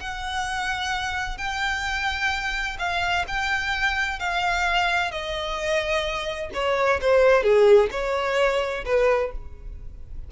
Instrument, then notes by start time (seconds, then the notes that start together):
violin
0.00 F#5
1.38 G5
2.79 F5
3.28 G5
4.19 F5
5.11 D#5
6.53 C#5
7.01 C5
7.43 G#4
7.91 C#5
8.85 B4